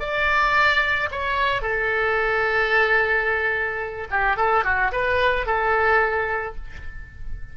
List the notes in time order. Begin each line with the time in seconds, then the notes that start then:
0.00 D5
1.12 C#5
1.62 A4
4.11 G4
4.37 A4
4.64 F#4
4.92 B4
5.46 A4